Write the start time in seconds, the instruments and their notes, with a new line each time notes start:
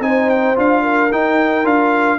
0.00 tuba C4, trombone D#4, horn C5, trumpet G#5
0.30 trumpet G5
0.56 tuba D4, trombone F4, trumpet F5
0.83 horn A#4
1.12 tuba D#4, trombone D#4, trumpet G5
1.64 tuba D4, trombone F4, trumpet F5